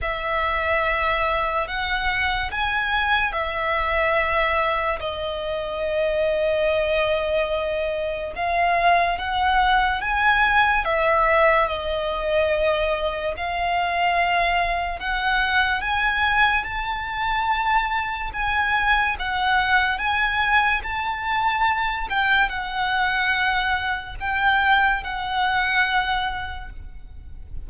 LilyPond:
\new Staff \with { instrumentName = "violin" } { \time 4/4 \tempo 4 = 72 e''2 fis''4 gis''4 | e''2 dis''2~ | dis''2 f''4 fis''4 | gis''4 e''4 dis''2 |
f''2 fis''4 gis''4 | a''2 gis''4 fis''4 | gis''4 a''4. g''8 fis''4~ | fis''4 g''4 fis''2 | }